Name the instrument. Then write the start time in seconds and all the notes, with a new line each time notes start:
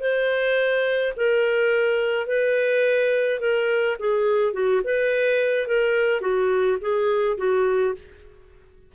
clarinet
0.00 C5
1.17 A#4
2.27 B4
3.40 A#4
3.99 G#4
4.53 F#4
4.84 B4
5.67 A#4
6.21 F#4
6.81 G#4
7.38 F#4